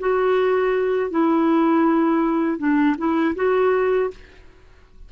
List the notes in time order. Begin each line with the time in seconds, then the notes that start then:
0.00 F#4
1.10 E4
2.58 D4
2.98 E4
3.35 F#4